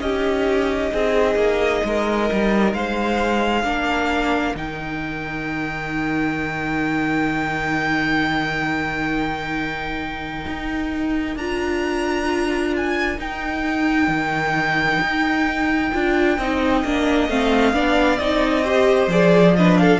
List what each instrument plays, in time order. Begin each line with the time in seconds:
0.00 cello C#4, viola D#4, violin G4 D#5
0.93 cello C4, violin G#4
1.35 cello A#3
1.84 cello G#3, violin A#4
2.32 cello G3
2.73 cello G#3, violin C5 F5
3.63 cello A#3, viola D4, violin A#4
4.55 cello D#3, viola D#4, violin G5
10.47 cello D#4
11.36 cello D4, viola F4, violin A#5
12.76 violin G#5
13.17 viola D#4, cello D#4, violin G5
14.08 cello D#3
15.01 cello D#4
15.92 cello D4, viola F4
16.37 cello C4, viola D#4, violin D#5
16.84 cello A#3, viola D4
17.28 cello A3, viola C4, violin F5
17.73 cello B3, viola D4, violin D5
18.18 cello C4, viola D#4, violin D#5
18.64 viola G4, violin C5
19.07 cello F3, viola G#4, violin D5
19.55 viola D4, violin B4 D#5
19.77 violin A4 F5